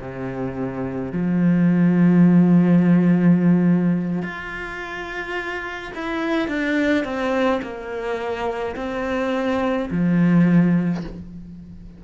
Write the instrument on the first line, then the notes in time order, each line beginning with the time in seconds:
cello
0.00 C3
1.12 F3
4.22 F4
5.94 E4
6.47 D4
7.04 C4
7.62 A#3
8.75 C4
9.90 F3